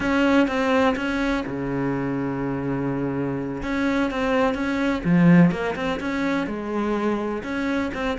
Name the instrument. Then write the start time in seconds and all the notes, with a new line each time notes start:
cello
0.00 C#4
0.47 C4
0.96 C#4
1.46 C#3
3.62 C#4
4.10 C4
4.54 C#4
5.04 F3
5.51 A#3
5.75 C4
6.00 C#4
6.46 G#3
7.43 C#4
7.94 C4